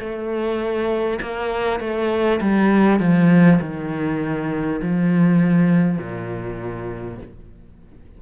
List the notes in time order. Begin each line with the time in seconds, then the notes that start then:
0.00 A3
1.22 A#3
1.80 A3
2.41 G3
3.00 F3
3.61 D#3
4.82 F3
5.98 A#2